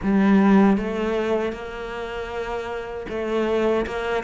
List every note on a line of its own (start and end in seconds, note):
0.02 0.77 G3
0.77 1.52 A3
1.52 3.06 A#3
3.09 3.86 A3
3.86 4.23 A#3